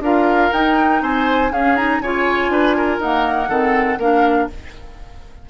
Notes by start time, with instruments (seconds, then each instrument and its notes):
0.00 bassoon D4, clarinet F4, oboe A#4, flute F5
0.52 clarinet D#4, bassoon D#4, flute G5
1.01 bassoon C4, oboe C5, flute G#5
1.51 bassoon C#4, clarinet C#4, oboe G#4, flute F5
1.76 clarinet D#4, flute A#5
2.00 bassoon C#3, clarinet F4, oboe C#5, flute G#5
2.48 bassoon D4, oboe B4
2.77 oboe A#4
3.00 clarinet A#3, bassoon D#4, flute F#5
3.48 bassoon D#3, clarinet C4, oboe A4
3.98 bassoon A#3, clarinet D4, oboe A#4, flute F5